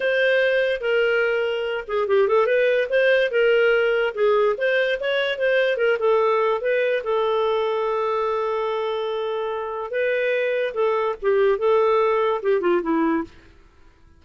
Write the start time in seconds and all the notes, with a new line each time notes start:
0.00 C5
0.81 A#4
1.87 G#4
2.07 G4
2.28 A4
2.46 B4
2.89 C5
3.31 A#4
4.14 G#4
4.57 C5
5.00 C#5
5.38 C5
5.77 A#4
5.99 A4
6.61 B4
7.03 A4
9.90 B4
10.74 A4
11.21 G4
11.58 A4
12.42 G4
12.60 F4
12.82 E4